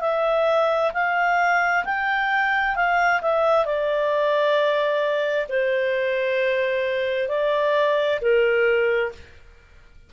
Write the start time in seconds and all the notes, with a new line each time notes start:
0.00 E5
0.93 F5
1.84 G5
2.75 F5
3.21 E5
3.65 D5
5.48 C5
7.28 D5
8.21 A#4